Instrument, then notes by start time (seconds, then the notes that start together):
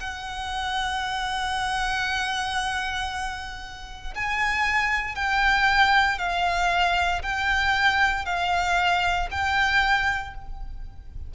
violin
0.00 F#5
4.14 G#5
5.15 G5
6.18 F5
7.22 G5
8.25 F5
9.31 G5